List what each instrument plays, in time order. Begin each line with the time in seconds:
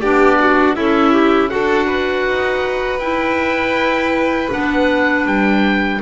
0.00 double bass B3, clarinet D4, violin G4, oboe D5
0.41 violin F#4
0.75 double bass C#4, violin E4, clarinet A4, oboe E5
1.12 clarinet G4
1.49 double bass D4, clarinet F#4, violin A4, oboe F#5
1.87 violin B4
2.27 double bass D#4
2.99 double bass E4, clarinet E4, oboe G5
4.50 double bass B3, clarinet D4, oboe F#5
5.26 double bass G3, oboe G5